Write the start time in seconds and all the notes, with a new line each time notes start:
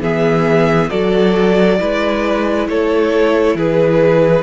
0.00 E3 B3 G#4 E5
0.89 F#3 F#4 A4 D5
1.78 G#3 E4 B4
2.67 A3 A4 C#5
3.54 E3 G#4 B4